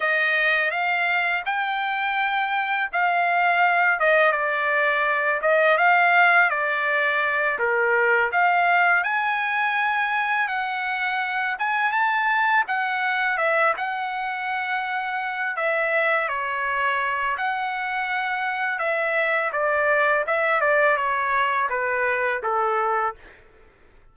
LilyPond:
\new Staff \with { instrumentName = "trumpet" } { \time 4/4 \tempo 4 = 83 dis''4 f''4 g''2 | f''4. dis''8 d''4. dis''8 | f''4 d''4. ais'4 f''8~ | f''8 gis''2 fis''4. |
gis''8 a''4 fis''4 e''8 fis''4~ | fis''4. e''4 cis''4. | fis''2 e''4 d''4 | e''8 d''8 cis''4 b'4 a'4 | }